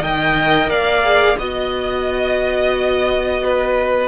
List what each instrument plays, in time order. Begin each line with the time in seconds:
0.00 cello D#3, viola A#4, violin D#5 G5
0.68 cello A#3, violin D5 F5
1.04 viola G#4
1.38 cello B3, viola F#4, violin D#5
3.44 violin B4